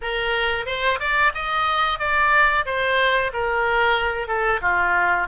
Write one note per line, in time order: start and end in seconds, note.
0.01 0.66 A#4
0.66 0.99 C5
0.99 1.32 D5
1.34 1.99 D#5
1.99 2.65 D5
2.65 3.31 C5
3.33 4.27 A#4
4.27 4.60 A4
4.61 5.27 F4